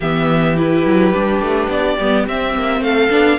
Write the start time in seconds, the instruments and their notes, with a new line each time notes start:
0.00 cello E3, viola B3, violin G4 E5
0.57 viola E4, violin B4
0.85 cello F#3
1.14 cello G3, viola D4
1.41 cello A3
1.67 cello B3, violin D5
1.99 cello G3, viola B3
2.27 cello C4, viola C4, violin E5
2.54 cello A#3
2.80 cello A3, violin A4 F5
3.10 cello B3, viola D4